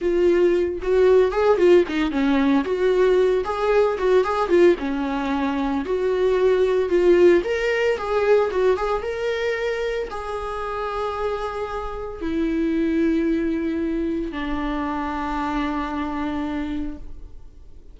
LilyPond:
\new Staff \with { instrumentName = "viola" } { \time 4/4 \tempo 4 = 113 f'4. fis'4 gis'8 f'8 dis'8 | cis'4 fis'4. gis'4 fis'8 | gis'8 f'8 cis'2 fis'4~ | fis'4 f'4 ais'4 gis'4 |
fis'8 gis'8 ais'2 gis'4~ | gis'2. e'4~ | e'2. d'4~ | d'1 | }